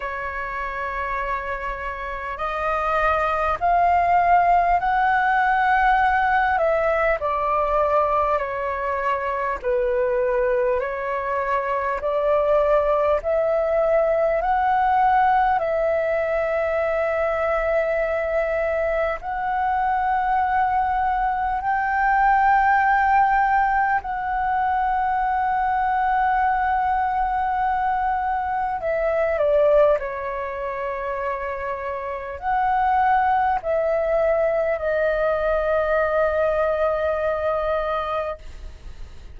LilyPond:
\new Staff \with { instrumentName = "flute" } { \time 4/4 \tempo 4 = 50 cis''2 dis''4 f''4 | fis''4. e''8 d''4 cis''4 | b'4 cis''4 d''4 e''4 | fis''4 e''2. |
fis''2 g''2 | fis''1 | e''8 d''8 cis''2 fis''4 | e''4 dis''2. | }